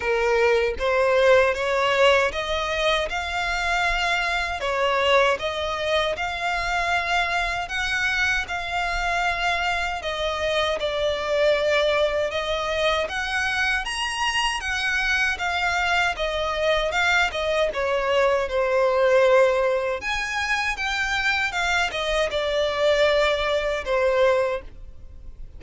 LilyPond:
\new Staff \with { instrumentName = "violin" } { \time 4/4 \tempo 4 = 78 ais'4 c''4 cis''4 dis''4 | f''2 cis''4 dis''4 | f''2 fis''4 f''4~ | f''4 dis''4 d''2 |
dis''4 fis''4 ais''4 fis''4 | f''4 dis''4 f''8 dis''8 cis''4 | c''2 gis''4 g''4 | f''8 dis''8 d''2 c''4 | }